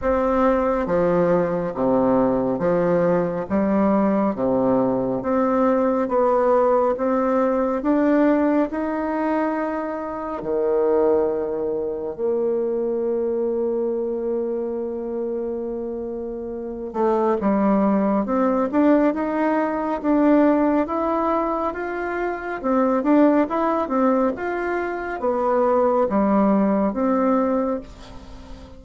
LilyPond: \new Staff \with { instrumentName = "bassoon" } { \time 4/4 \tempo 4 = 69 c'4 f4 c4 f4 | g4 c4 c'4 b4 | c'4 d'4 dis'2 | dis2 ais2~ |
ais2.~ ais8 a8 | g4 c'8 d'8 dis'4 d'4 | e'4 f'4 c'8 d'8 e'8 c'8 | f'4 b4 g4 c'4 | }